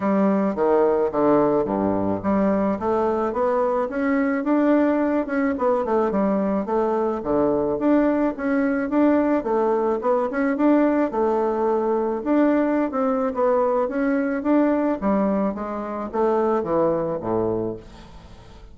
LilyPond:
\new Staff \with { instrumentName = "bassoon" } { \time 4/4 \tempo 4 = 108 g4 dis4 d4 g,4 | g4 a4 b4 cis'4 | d'4. cis'8 b8 a8 g4 | a4 d4 d'4 cis'4 |
d'4 a4 b8 cis'8 d'4 | a2 d'4~ d'16 c'8. | b4 cis'4 d'4 g4 | gis4 a4 e4 a,4 | }